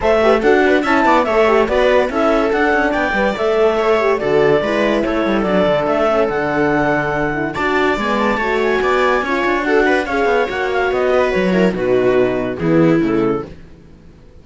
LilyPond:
<<
  \new Staff \with { instrumentName = "clarinet" } { \time 4/4 \tempo 4 = 143 e''4 fis''4 a''4 e''4 | d''4 e''4 fis''4 g''4 | e''2 d''2 | cis''4 d''4 e''4 fis''4~ |
fis''2 a''4 gis''8 a''8~ | a''8 gis''2~ gis''8 fis''4 | f''4 fis''8 f''8 dis''4 cis''4 | b'2 gis'4 a'4 | }
  \new Staff \with { instrumentName = "viola" } { \time 4/4 c''8 b'8 a'8 b'8 e''8 d''8 cis''4 | b'4 a'2 d''4~ | d''4 cis''4 a'4 b'4 | a'1~ |
a'2 d''2 | cis''4 d''4 cis''4 a'8 b'8 | cis''2~ cis''8 b'4 ais'8 | fis'2 e'2 | }
  \new Staff \with { instrumentName = "horn" } { \time 4/4 a'8 g'8 fis'4 e'4 a'8 g'8 | fis'4 e'4 d'4. b'8 | a'4. g'8 fis'4 e'4~ | e'4 d'4. cis'8 d'4~ |
d'4. e'8 fis'4 b4 | fis'2 f'4 fis'4 | gis'4 fis'2~ fis'8 e'8 | dis'2 b4 a4 | }
  \new Staff \with { instrumentName = "cello" } { \time 4/4 a4 d'4 cis'8 b8 a4 | b4 cis'4 d'8 cis'8 b8 g8 | a2 d4 gis4 | a8 g8 fis8 d8 a4 d4~ |
d2 d'4 gis4 | a4 b4 cis'8 d'4. | cis'8 b8 ais4 b4 fis4 | b,2 e4 cis4 | }
>>